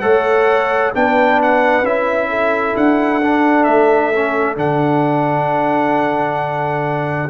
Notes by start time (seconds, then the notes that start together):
0.00 A3 A4 C#5 F#5
0.92 B3 D4 B4 G5
1.42 F#5
1.82 C#4 E4 E5
2.29 A4
2.76 D4 F#5
3.21 D4
3.63 A3 E5
4.12 C#4
4.56 D3 D4 F#5